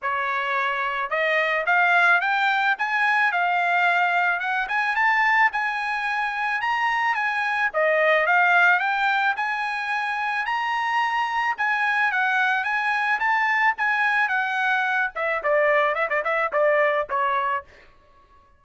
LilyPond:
\new Staff \with { instrumentName = "trumpet" } { \time 4/4 \tempo 4 = 109 cis''2 dis''4 f''4 | g''4 gis''4 f''2 | fis''8 gis''8 a''4 gis''2 | ais''4 gis''4 dis''4 f''4 |
g''4 gis''2 ais''4~ | ais''4 gis''4 fis''4 gis''4 | a''4 gis''4 fis''4. e''8 | d''4 e''16 d''16 e''8 d''4 cis''4 | }